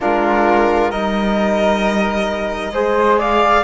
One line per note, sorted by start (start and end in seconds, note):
0.00 0.91 G#3
0.00 0.91 D4
0.00 0.90 F4
0.00 0.91 A#4
0.90 2.71 G3
0.90 2.73 D#4
0.90 2.72 A#4
0.90 3.18 D#5
2.71 3.62 G#3
2.71 3.63 G#4
2.71 3.18 C5
3.18 3.63 D5
3.18 3.63 F5